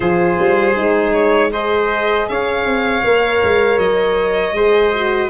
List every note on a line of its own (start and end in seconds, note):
0.00 0.38 F3
0.00 0.74 F4
0.00 1.51 G#4
0.00 1.12 C5
0.38 0.76 G3
0.76 2.28 G#3
0.76 1.51 D#4
1.12 1.50 C#5
1.51 3.03 G#4
1.51 2.28 C5
1.51 2.28 D#5
2.28 2.65 C#4
2.28 4.56 C#5
2.28 3.78 F5
2.65 3.03 C4
3.03 3.41 A#3
3.03 4.54 A#4
3.43 3.78 G#3
3.78 4.53 F#3
3.78 5.29 D#5
4.53 5.28 G#3
4.53 4.92 G#4
4.53 5.29 C5
4.93 5.29 F#4